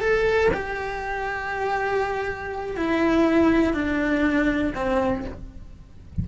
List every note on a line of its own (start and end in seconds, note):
0.00 0.50 A4
0.53 2.77 G4
2.77 3.74 E4
3.74 4.74 D4
4.75 5.25 C4